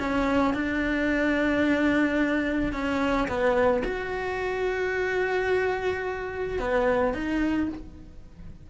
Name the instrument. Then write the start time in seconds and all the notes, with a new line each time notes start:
cello
0.00 C#4
0.55 D4
2.73 C#4
3.29 B3
3.85 F#4
6.60 B3
7.14 D#4